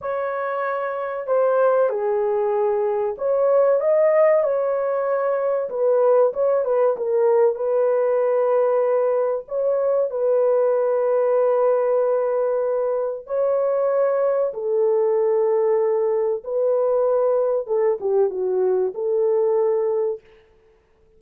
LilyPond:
\new Staff \with { instrumentName = "horn" } { \time 4/4 \tempo 4 = 95 cis''2 c''4 gis'4~ | gis'4 cis''4 dis''4 cis''4~ | cis''4 b'4 cis''8 b'8 ais'4 | b'2. cis''4 |
b'1~ | b'4 cis''2 a'4~ | a'2 b'2 | a'8 g'8 fis'4 a'2 | }